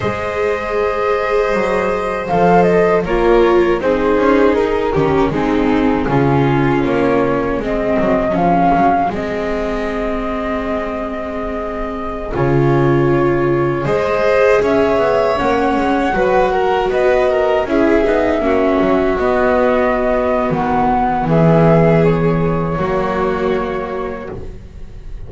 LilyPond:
<<
  \new Staff \with { instrumentName = "flute" } { \time 4/4 \tempo 4 = 79 dis''2. f''8 dis''8 | cis''4 c''4 ais'4 gis'4~ | gis'4 cis''4 dis''4 f''4 | dis''1~ |
dis''16 cis''2 dis''4 e''8.~ | e''16 fis''2 dis''4 e''8.~ | e''4~ e''16 dis''4.~ dis''16 fis''4 | e''4 cis''2. | }
  \new Staff \with { instrumentName = "violin" } { \time 4/4 c''1 | ais'4 gis'4. g'8 dis'4 | f'2 gis'2~ | gis'1~ |
gis'2~ gis'16 c''4 cis''8.~ | cis''4~ cis''16 b'8 ais'8 b'8 ais'8 gis'8.~ | gis'16 fis'2.~ fis'8. | gis'2 fis'2 | }
  \new Staff \with { instrumentName = "viola" } { \time 4/4 gis'2. a'4 | f'4 dis'4. cis'8 c'4 | cis'2 c'4 cis'4 | c'1~ |
c'16 f'2 gis'4.~ gis'16~ | gis'16 cis'4 fis'2 e'8 dis'16~ | dis'16 cis'4 b2~ b8.~ | b2 ais2 | }
  \new Staff \with { instrumentName = "double bass" } { \time 4/4 gis2 fis4 f4 | ais4 c'8 cis'8 dis'8 dis8 gis4 | cis4 ais4 gis8 fis8 f8 fis8 | gis1~ |
gis16 cis2 gis4 cis'8 b16~ | b16 ais8 gis8 fis4 b4 cis'8 b16~ | b16 ais8 fis8 b4.~ b16 dis4 | e2 fis2 | }
>>